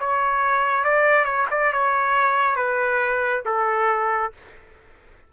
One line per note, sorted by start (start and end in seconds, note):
0.00 0.85 C#5
0.85 1.25 D5
1.25 1.47 C#5
1.51 1.73 D5
1.73 2.57 C#5
2.57 3.43 B4
3.46 4.33 A4